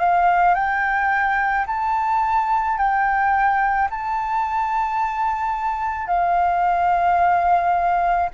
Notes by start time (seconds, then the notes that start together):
0.00 F5
0.55 G5
1.67 A5
2.78 G5
3.90 A5
6.07 F5